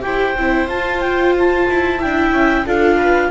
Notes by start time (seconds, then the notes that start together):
0.00 E4 G4 C5 G5
0.36 C4 E4
0.66 F4 A5
1.00 G5
1.38 A5
1.69 E4
1.98 D4 E4 E5 G5
2.32 C#4
2.65 D4 F4 A4 F5
2.96 B4